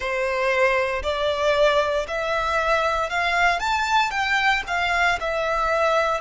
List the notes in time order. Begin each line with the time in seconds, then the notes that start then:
0.00 C5
1.03 D5
2.07 E5
3.09 F5
3.59 A5
4.11 G5
4.67 F5
5.20 E5